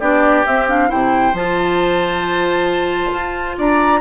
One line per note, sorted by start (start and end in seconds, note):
0.00 0.45 B3
0.00 0.45 D4
0.00 0.89 G4
0.00 0.45 D5
0.45 0.69 C4
0.45 0.91 C4
0.45 0.68 E5
0.69 0.88 D4
0.69 0.91 F5
0.88 1.33 C3
0.88 1.33 E4
0.88 3.56 C5
0.88 1.36 G5
1.33 3.11 F3
1.33 4.00 F4
1.33 3.58 A5
3.12 3.57 F4
3.58 4.00 D4
3.58 4.00 D5
3.58 4.00 A#5